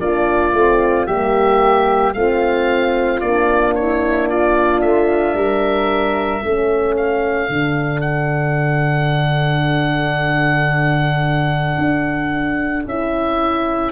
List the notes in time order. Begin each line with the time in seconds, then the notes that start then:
0.00 A#3 D4 F4 D5
0.54 A3 C4
1.06 G3 A#3 G4 E5
2.13 A3 C4 F4 F5
3.20 A#3 D4 D5
3.75 E4 C#5
4.29 F4 D5
4.81 A3 E5
5.34 G3 A#4
6.42 A3 C#4 A4
6.96 F5
7.49 D3 D4
8.01 F#5
11.78 D4
12.85 C#4 E4 E5